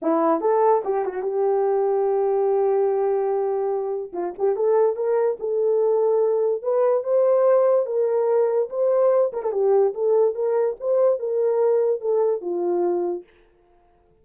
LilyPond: \new Staff \with { instrumentName = "horn" } { \time 4/4 \tempo 4 = 145 e'4 a'4 g'8 fis'8 g'4~ | g'1~ | g'2 f'8 g'8 a'4 | ais'4 a'2. |
b'4 c''2 ais'4~ | ais'4 c''4. ais'16 a'16 g'4 | a'4 ais'4 c''4 ais'4~ | ais'4 a'4 f'2 | }